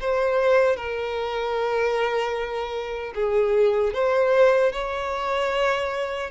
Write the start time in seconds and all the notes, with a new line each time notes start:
0.00 C5
0.76 A#4
3.15 G#4
3.93 C5
4.72 C#5